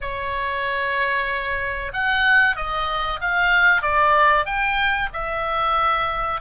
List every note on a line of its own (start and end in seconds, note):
0.00 1.92 C#5
1.93 2.56 F#5
2.56 3.19 D#5
3.20 3.82 F5
3.82 4.45 D5
4.45 5.09 G5
5.13 6.40 E5